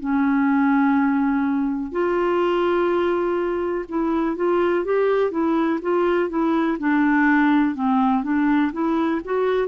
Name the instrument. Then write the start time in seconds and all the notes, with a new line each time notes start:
clarinet
0.00 C#4
1.92 F4
3.89 E4
4.36 F4
4.85 G4
5.31 E4
5.82 F4
6.29 E4
6.79 D4
7.75 C4
8.23 D4
8.73 E4
9.25 F#4